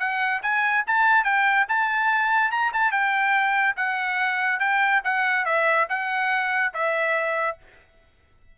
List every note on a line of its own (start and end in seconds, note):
0.00 0.42 F#5
0.43 0.85 G#5
0.87 1.24 A5
1.24 1.66 G5
1.69 2.51 A5
2.51 2.72 A#5
2.73 2.92 A5
2.92 3.76 G5
3.76 4.60 F#5
4.60 5.02 G5
5.04 5.45 F#5
5.45 5.87 E5
5.90 6.73 F#5
6.74 7.58 E5